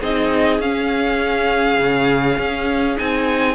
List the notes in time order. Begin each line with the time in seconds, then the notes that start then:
0.00 C4 D#4 G#4 D#5
0.60 C#4 F5
1.79 C#3
2.39 C#4
2.98 C4 D#4 G#5